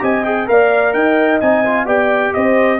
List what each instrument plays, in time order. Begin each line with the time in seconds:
0.00 tuba C4, trombone G4, horn D#5, trumpet G#5
0.25 trombone G#4, trumpet G5
0.47 tuba A#3, trombone A#4, horn D5, trumpet F5
0.94 tuba D#4, horn D#5, trumpet G5
1.41 tuba C4, trombone D#4, trumpet G#5
1.65 trombone F4
1.86 tuba B3, trombone G4, horn D5, trumpet G5
2.34 tuba C4, horn C5, trumpet D#5